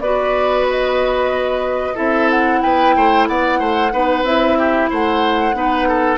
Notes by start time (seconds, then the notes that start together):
0.00 B3 F#4 B4 D5
0.71 D#5
1.95 C4 E4 A4 E5
2.31 F#5
2.62 B3 B4 G5
2.96 A3 C5
3.28 B3 D5 F#5
3.60 A3 C5
3.93 B3 D#4 B4
4.23 C4 E4 E5
4.59 G4
4.90 A3 C5 F#5
5.54 B3 D#4 B4
5.89 A4